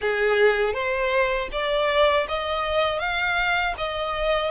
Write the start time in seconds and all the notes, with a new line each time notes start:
0.01 G#4
0.73 C5
1.51 D5
2.28 D#5
2.99 F5
3.77 D#5